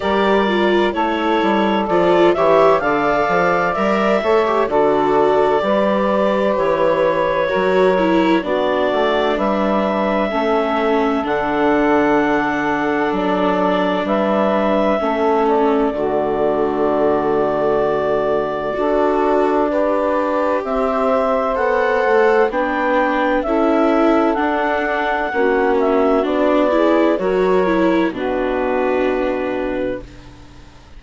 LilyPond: <<
  \new Staff \with { instrumentName = "clarinet" } { \time 4/4 \tempo 4 = 64 d''4 cis''4 d''8 e''8 f''4 | e''4 d''2 cis''4~ | cis''4 d''4 e''2 | fis''2 d''4 e''4~ |
e''8 d''2.~ d''8~ | d''2 e''4 fis''4 | g''4 e''4 fis''4. e''8 | d''4 cis''4 b'2 | }
  \new Staff \with { instrumentName = "saxophone" } { \time 4/4 ais'4 a'4. cis''8 d''4~ | d''8 cis''8 a'4 b'2 | ais'4 fis'4 b'4 a'4~ | a'2. b'4 |
a'4 fis'2. | a'4 b'4 c''2 | b'4 a'2 fis'4~ | fis'8 gis'8 ais'4 fis'2 | }
  \new Staff \with { instrumentName = "viola" } { \time 4/4 g'8 f'8 e'4 f'8 g'8 a'4 | ais'8 a'16 g'16 fis'4 g'2 | fis'8 e'8 d'2 cis'4 | d'1 |
cis'4 a2. | fis'4 g'2 a'4 | d'4 e'4 d'4 cis'4 | d'8 e'8 fis'8 e'8 d'2 | }
  \new Staff \with { instrumentName = "bassoon" } { \time 4/4 g4 a8 g8 f8 e8 d8 f8 | g8 a8 d4 g4 e4 | fis4 b8 a8 g4 a4 | d2 fis4 g4 |
a4 d2. | d'2 c'4 b8 a8 | b4 cis'4 d'4 ais4 | b4 fis4 b,2 | }
>>